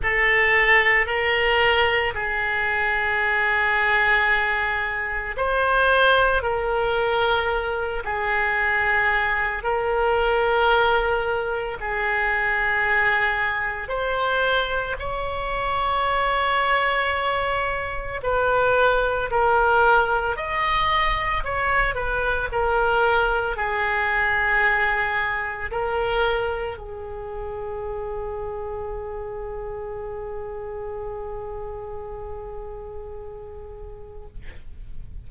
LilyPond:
\new Staff \with { instrumentName = "oboe" } { \time 4/4 \tempo 4 = 56 a'4 ais'4 gis'2~ | gis'4 c''4 ais'4. gis'8~ | gis'4 ais'2 gis'4~ | gis'4 c''4 cis''2~ |
cis''4 b'4 ais'4 dis''4 | cis''8 b'8 ais'4 gis'2 | ais'4 gis'2.~ | gis'1 | }